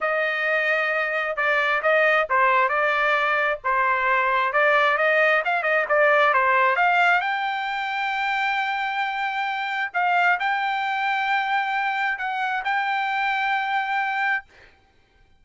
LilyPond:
\new Staff \with { instrumentName = "trumpet" } { \time 4/4 \tempo 4 = 133 dis''2. d''4 | dis''4 c''4 d''2 | c''2 d''4 dis''4 | f''8 dis''8 d''4 c''4 f''4 |
g''1~ | g''2 f''4 g''4~ | g''2. fis''4 | g''1 | }